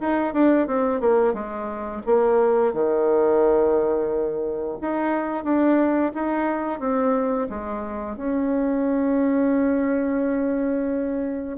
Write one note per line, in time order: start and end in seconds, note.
0.00 0.33 D#4
0.33 0.67 D4
0.67 1.00 C4
1.00 1.33 A#3
1.33 2.01 G#3
2.05 2.73 A#3
2.73 4.77 D#3
4.81 5.44 D#4
5.44 6.12 D4
6.14 6.79 D#4
6.79 7.48 C4
7.49 8.16 G#3
8.16 11.57 C#4